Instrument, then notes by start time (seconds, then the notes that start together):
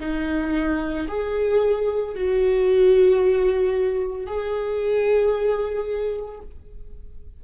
viola
0.00 D#4
1.08 G#4
2.14 F#4
4.26 G#4